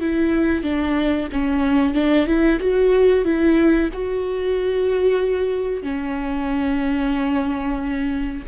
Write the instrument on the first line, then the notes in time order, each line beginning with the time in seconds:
viola
0.00 E4
0.63 D4
1.32 C#4
1.94 D4
2.26 E4
2.60 F#4
3.24 E4
3.93 F#4
5.83 C#4